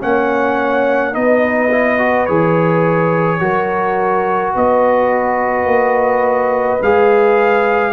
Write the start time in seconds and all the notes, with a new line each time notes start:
0.00 A#3 C#4 C#5 F#5
1.12 B3 D#4 B4 D#5
1.71 E4
1.98 F#4
2.25 E3 G#4 C#5
3.39 F#3 F#4 A#4
4.54 B3 B4 D#5
5.65 A#3
6.81 G#3 G#4 F5